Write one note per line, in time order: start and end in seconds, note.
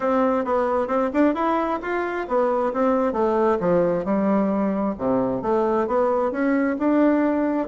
0.00 0.44 C4
0.44 0.87 B3
0.87 1.10 C4
1.13 1.34 D4
1.34 1.79 E4
1.82 2.27 F4
2.27 2.73 B3
2.73 3.13 C4
3.13 3.58 A3
3.60 4.04 F3
4.04 4.95 G3
4.97 5.42 C3
5.42 5.87 A3
5.87 6.31 B3
6.31 6.76 C#4
6.78 7.68 D4